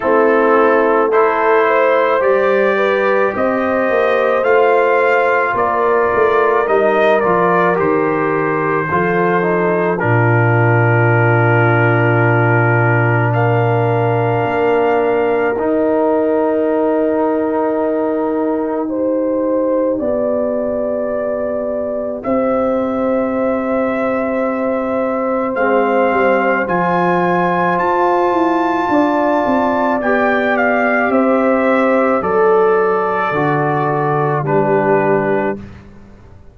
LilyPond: <<
  \new Staff \with { instrumentName = "trumpet" } { \time 4/4 \tempo 4 = 54 a'4 c''4 d''4 dis''4 | f''4 d''4 dis''8 d''8 c''4~ | c''4 ais'2. | f''2 g''2~ |
g''1 | e''2. f''4 | gis''4 a''2 g''8 f''8 | e''4 d''2 b'4 | }
  \new Staff \with { instrumentName = "horn" } { \time 4/4 e'4 a'8 c''4 b'8 c''4~ | c''4 ais'2. | a'4 f'2. | ais'1~ |
ais'4 c''4 d''2 | c''1~ | c''2 d''2 | c''4 a'2 g'4 | }
  \new Staff \with { instrumentName = "trombone" } { \time 4/4 c'4 e'4 g'2 | f'2 dis'8 f'8 g'4 | f'8 dis'8 d'2.~ | d'2 dis'2~ |
dis'4 g'2.~ | g'2. c'4 | f'2. g'4~ | g'4 a'4 fis'4 d'4 | }
  \new Staff \with { instrumentName = "tuba" } { \time 4/4 a2 g4 c'8 ais8 | a4 ais8 a8 g8 f8 dis4 | f4 ais,2.~ | ais,4 ais4 dis'2~ |
dis'2 b2 | c'2. gis8 g8 | f4 f'8 e'8 d'8 c'8 b4 | c'4 fis4 d4 g4 | }
>>